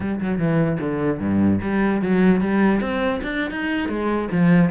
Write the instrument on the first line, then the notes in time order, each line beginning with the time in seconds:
cello
0.00 G3
0.20 F#3
0.38 E3
0.80 D3
1.19 G2
1.61 G3
2.01 F#3
2.40 G3
2.80 C4
3.22 D4
3.50 D#4
3.89 G#3
4.31 F3